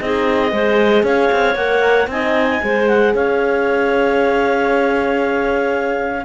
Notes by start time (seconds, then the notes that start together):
0.00 C4 D#4 G#4 D#5
0.50 G#3 G#4 C5
1.03 C#4 C#5 F5
1.32 C4
1.55 A#3 A#4 F#5
2.07 C4 D#4 D#5 G#5
2.61 G#3 G#4 C5
2.88 F#5
3.14 C#4 C#5 F5